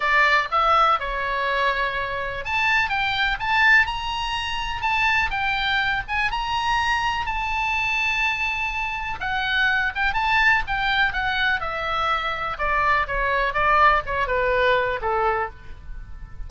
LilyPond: \new Staff \with { instrumentName = "oboe" } { \time 4/4 \tempo 4 = 124 d''4 e''4 cis''2~ | cis''4 a''4 g''4 a''4 | ais''2 a''4 g''4~ | g''8 gis''8 ais''2 a''4~ |
a''2. fis''4~ | fis''8 g''8 a''4 g''4 fis''4 | e''2 d''4 cis''4 | d''4 cis''8 b'4. a'4 | }